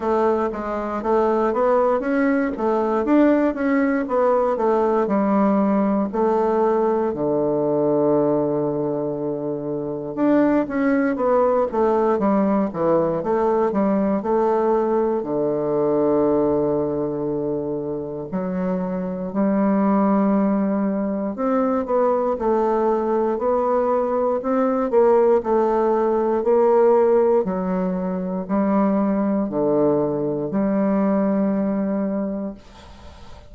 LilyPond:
\new Staff \with { instrumentName = "bassoon" } { \time 4/4 \tempo 4 = 59 a8 gis8 a8 b8 cis'8 a8 d'8 cis'8 | b8 a8 g4 a4 d4~ | d2 d'8 cis'8 b8 a8 | g8 e8 a8 g8 a4 d4~ |
d2 fis4 g4~ | g4 c'8 b8 a4 b4 | c'8 ais8 a4 ais4 fis4 | g4 d4 g2 | }